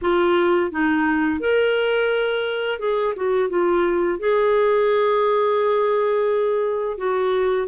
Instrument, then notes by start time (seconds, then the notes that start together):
clarinet
0.01 F4
0.71 D#4
1.40 A#4
2.79 G#4
3.16 F#4
3.49 F4
4.19 G#4
6.97 F#4